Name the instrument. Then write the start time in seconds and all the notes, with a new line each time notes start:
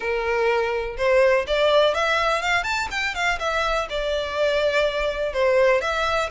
violin
0.00 A#4
0.97 C5
1.47 D5
1.94 E5
2.41 F5
2.63 A5
2.90 G5
3.14 F5
3.39 E5
3.89 D5
5.33 C5
5.81 E5